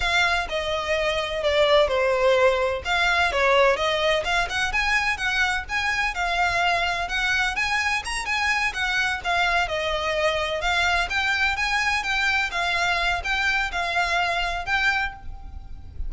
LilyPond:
\new Staff \with { instrumentName = "violin" } { \time 4/4 \tempo 4 = 127 f''4 dis''2 d''4 | c''2 f''4 cis''4 | dis''4 f''8 fis''8 gis''4 fis''4 | gis''4 f''2 fis''4 |
gis''4 ais''8 gis''4 fis''4 f''8~ | f''8 dis''2 f''4 g''8~ | g''8 gis''4 g''4 f''4. | g''4 f''2 g''4 | }